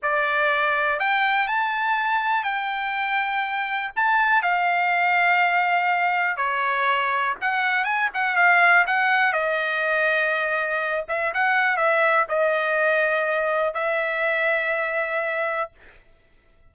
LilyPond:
\new Staff \with { instrumentName = "trumpet" } { \time 4/4 \tempo 4 = 122 d''2 g''4 a''4~ | a''4 g''2. | a''4 f''2.~ | f''4 cis''2 fis''4 |
gis''8 fis''8 f''4 fis''4 dis''4~ | dis''2~ dis''8 e''8 fis''4 | e''4 dis''2. | e''1 | }